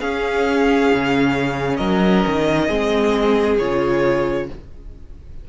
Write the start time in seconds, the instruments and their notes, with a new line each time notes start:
0.00 viola C#4, cello C#4, violin G#4 F5
0.94 cello C#3
1.76 cello F#3, violin A#4 D#5
2.26 cello D#3
2.66 cello G#3, viola C4, violin G#4
3.58 cello C#3, viola F4, violin C#5